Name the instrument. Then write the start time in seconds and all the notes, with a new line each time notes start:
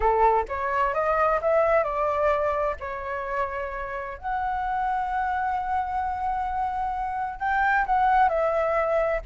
flute
0.00 A4
0.48 C#5
0.94 D#5
1.41 E5
1.83 D5
2.79 C#5
4.18 F#5
7.39 G5
7.86 F#5
8.28 E5